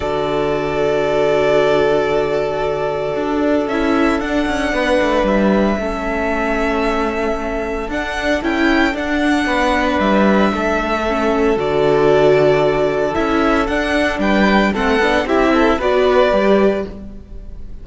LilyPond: <<
  \new Staff \with { instrumentName = "violin" } { \time 4/4 \tempo 4 = 114 d''1~ | d''2. e''4 | fis''2 e''2~ | e''2. fis''4 |
g''4 fis''2 e''4~ | e''2 d''2~ | d''4 e''4 fis''4 g''4 | fis''4 e''4 d''2 | }
  \new Staff \with { instrumentName = "violin" } { \time 4/4 a'1~ | a'1~ | a'4 b'2 a'4~ | a'1~ |
a'2 b'2 | a'1~ | a'2. b'4 | a'4 g'8 a'8 b'2 | }
  \new Staff \with { instrumentName = "viola" } { \time 4/4 fis'1~ | fis'2. e'4 | d'2. cis'4~ | cis'2. d'4 |
e'4 d'2.~ | d'4 cis'4 fis'2~ | fis'4 e'4 d'2 | c'8 d'8 e'4 fis'4 g'4 | }
  \new Staff \with { instrumentName = "cello" } { \time 4/4 d1~ | d2 d'4 cis'4 | d'8 cis'8 b8 a8 g4 a4~ | a2. d'4 |
cis'4 d'4 b4 g4 | a2 d2~ | d4 cis'4 d'4 g4 | a8 b8 c'4 b4 g4 | }
>>